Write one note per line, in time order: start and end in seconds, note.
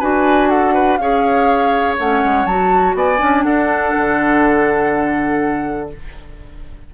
0.00 0.99 D4
0.00 0.99 F#4
0.00 0.49 B4
0.00 0.49 G#5
0.49 0.74 A4
0.49 0.97 F#5
0.74 0.98 B4
0.97 1.97 C#4
0.97 1.98 G#4
0.97 2.97 C#5
0.97 1.95 F5
1.99 2.24 A3
1.99 2.48 C#4
1.99 2.46 F#5
2.24 2.45 G#3
2.45 2.94 F#3
2.45 3.17 F#4
2.45 2.95 A5
2.94 3.19 B3
2.94 3.45 D5
2.94 3.44 G#5
3.17 3.45 C#4
3.17 5.87 D4
3.44 3.94 D4
3.44 5.90 A4
3.44 5.89 F#5
3.97 5.94 D3